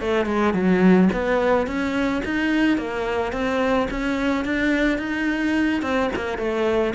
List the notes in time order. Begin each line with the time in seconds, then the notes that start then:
0.00 A3
0.25 G#3
0.53 F#3
1.12 B3
1.66 C#4
2.24 D#4
2.77 A#3
3.32 C4
3.90 C#4
4.44 D4
4.98 D#4
5.82 C4
6.15 A#3
6.37 A3